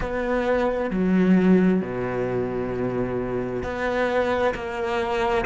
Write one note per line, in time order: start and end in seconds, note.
0.00 0.90 B3
0.90 1.81 F#3
1.81 3.63 B2
3.63 4.54 B3
4.54 5.45 A#3